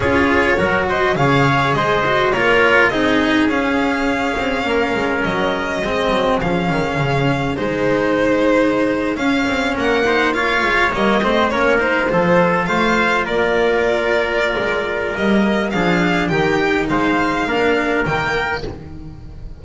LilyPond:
<<
  \new Staff \with { instrumentName = "violin" } { \time 4/4 \tempo 4 = 103 cis''4. dis''8 f''4 dis''4 | cis''4 dis''4 f''2~ | f''4 dis''2 f''4~ | f''4 c''2~ c''8. f''16~ |
f''8. fis''4 f''4 dis''4 cis''16~ | cis''16 c''4. f''4 d''4~ d''16~ | d''2 dis''4 f''4 | g''4 f''2 g''4 | }
  \new Staff \with { instrumentName = "trumpet" } { \time 4/4 gis'4 ais'8 c''8 cis''4 c''4 | ais'4 gis'2. | ais'2 gis'2~ | gis'1~ |
gis'8. ais'8 c''8 cis''4. c''8 ais'16~ | ais'8. a'4 c''4 ais'4~ ais'16~ | ais'2. gis'4 | g'4 c''4 ais'2 | }
  \new Staff \with { instrumentName = "cello" } { \time 4/4 f'4 fis'4 gis'4. fis'8 | f'4 dis'4 cis'2~ | cis'2 c'4 cis'4~ | cis'4 dis'2~ dis'8. cis'16~ |
cis'4~ cis'16 dis'8 f'4 ais8 c'8 cis'16~ | cis'16 dis'8 f'2.~ f'16~ | f'2 ais4 d'4 | dis'2 d'4 ais4 | }
  \new Staff \with { instrumentName = "double bass" } { \time 4/4 cis'4 fis4 cis4 gis4 | ais4 c'4 cis'4. c'8 | ais8 gis8 fis4 gis8 fis8 f8 dis8 | cis4 gis2~ gis8. cis'16~ |
cis'16 c'8 ais4. gis8 g8 a8 ais16~ | ais8. f4 a4 ais4~ ais16~ | ais4 gis4 g4 f4 | dis4 gis4 ais4 dis4 | }
>>